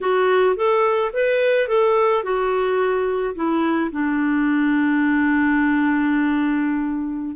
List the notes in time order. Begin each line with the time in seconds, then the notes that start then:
0.00 F#4
0.56 A4
1.13 B4
1.67 A4
2.23 F#4
3.35 E4
3.91 D4